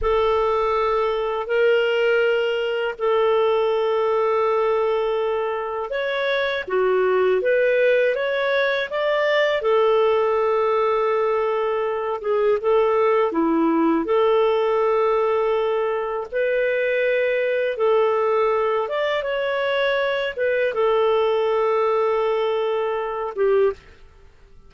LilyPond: \new Staff \with { instrumentName = "clarinet" } { \time 4/4 \tempo 4 = 81 a'2 ais'2 | a'1 | cis''4 fis'4 b'4 cis''4 | d''4 a'2.~ |
a'8 gis'8 a'4 e'4 a'4~ | a'2 b'2 | a'4. d''8 cis''4. b'8 | a'2.~ a'8 g'8 | }